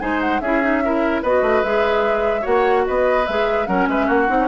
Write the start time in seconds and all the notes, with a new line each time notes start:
0.00 G#3 D#4 C5 G#5
0.21 F#5
0.40 C#4 E4 G#4 E5
0.62 D#4
0.84 E4 A#4
1.22 B3 F#4 B4 D#5
1.42 A3
1.64 G#3 G#4 E5
2.42 A#3 F#4 C#5 F#5
2.87 B3 B4 D#5
3.26 G#3 G#4 E5
3.67 F#3 C#4 A#4 F#5
3.88 G#3 B4 E5
4.06 A#3 F#4 F#5
4.28 C4 D#4
4.39 C#4